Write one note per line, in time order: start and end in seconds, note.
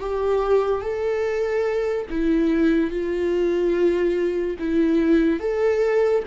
0.00 0.81 G4
0.81 2.06 A4
2.10 2.91 E4
2.91 4.57 F4
4.59 5.40 E4
5.40 6.23 A4